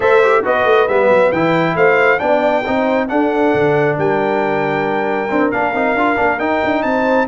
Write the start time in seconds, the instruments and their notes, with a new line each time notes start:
0.00 tuba A3, trombone A4, horn C5, trumpet E5
0.23 trombone G4
0.44 tuba B3, trombone F#4, horn B4, trumpet D#5
0.64 tuba A3
0.87 tuba G3, trombone B3, trumpet E5
1.09 tuba F#3
1.32 tuba E3, trombone E4, trumpet G5
1.75 tuba A3, horn C5, trumpet F5
2.18 tuba B3, trombone D4, horn D5, trumpet G5
2.65 tuba C4, trombone D#4, horn C5
3.08 trombone D4, tuba D4, horn A4, trumpet F#5
3.54 tuba D3
3.97 tuba G3, horn A#4, trumpet G5
5.30 trombone C4, tuba D4
5.51 tuba A#3, trombone D4, trumpet F5
5.73 tuba C4, trombone D#4
5.94 tuba D4, trombone F4
6.15 tuba A#3, trombone D4
6.39 tuba D#4, trombone D#4, trumpet G5
6.64 tuba D4
6.82 tuba C4, horn C5, trumpet A5